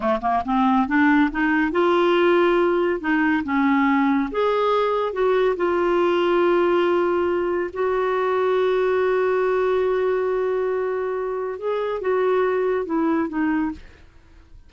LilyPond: \new Staff \with { instrumentName = "clarinet" } { \time 4/4 \tempo 4 = 140 a8 ais8 c'4 d'4 dis'4 | f'2. dis'4 | cis'2 gis'2 | fis'4 f'2.~ |
f'2 fis'2~ | fis'1~ | fis'2. gis'4 | fis'2 e'4 dis'4 | }